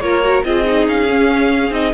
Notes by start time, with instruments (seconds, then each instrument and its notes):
0.00 cello A#3, viola F4, violin A#4 C#5
0.23 viola F#4
0.45 cello C4, viola F4, violin G#4 D#5
0.65 viola D#4
0.88 cello C#4, violin F5
1.10 viola C#4
1.72 cello C4, viola D#4, violin D#5